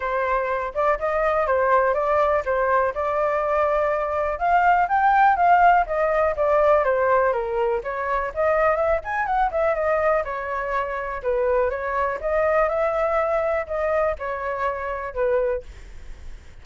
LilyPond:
\new Staff \with { instrumentName = "flute" } { \time 4/4 \tempo 4 = 123 c''4. d''8 dis''4 c''4 | d''4 c''4 d''2~ | d''4 f''4 g''4 f''4 | dis''4 d''4 c''4 ais'4 |
cis''4 dis''4 e''8 gis''8 fis''8 e''8 | dis''4 cis''2 b'4 | cis''4 dis''4 e''2 | dis''4 cis''2 b'4 | }